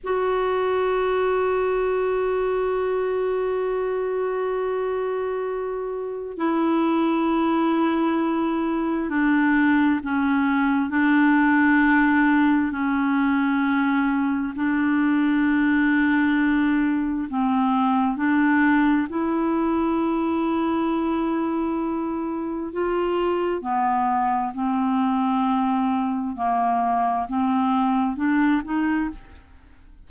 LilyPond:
\new Staff \with { instrumentName = "clarinet" } { \time 4/4 \tempo 4 = 66 fis'1~ | fis'2. e'4~ | e'2 d'4 cis'4 | d'2 cis'2 |
d'2. c'4 | d'4 e'2.~ | e'4 f'4 b4 c'4~ | c'4 ais4 c'4 d'8 dis'8 | }